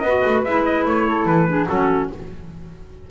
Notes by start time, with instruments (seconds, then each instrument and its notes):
0.00 double bass B3, flute B4, trumpet D#5
0.07 clarinet F#4
0.26 double bass A3
0.44 double bass G#3, clarinet E4, trumpet E5
0.65 trumpet D#5
0.85 double bass A3, trumpet C#5
1.07 flute A4
1.25 double bass E3, trumpet B4
1.47 clarinet D4, flute G#4
1.68 double bass F#3, clarinet C#4, flute F#4, trumpet A4